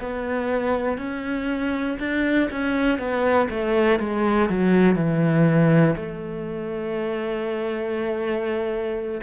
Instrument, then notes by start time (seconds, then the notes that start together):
cello
0.00 B3
0.98 C#4
1.99 D4
2.51 C#4
2.98 B3
3.50 A3
3.99 G#3
4.49 F#3
4.95 E3
5.96 A3